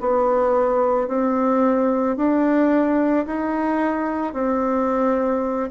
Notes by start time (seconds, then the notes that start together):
0.00 B3
1.08 C4
2.17 D4
3.26 D#4
4.33 C4